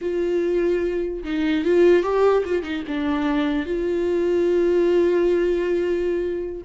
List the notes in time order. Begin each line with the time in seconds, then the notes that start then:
0.01 F4
1.24 D#4
1.65 F4
2.03 G4
2.45 F4
2.62 D#4
2.87 D4
3.65 F4